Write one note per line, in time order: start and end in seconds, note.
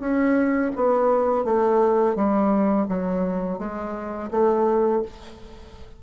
0.00 0.71 C#4
0.76 1.45 B3
1.45 2.16 A3
2.16 2.87 G3
2.89 3.59 F#3
3.59 4.30 G#3
4.31 5.03 A3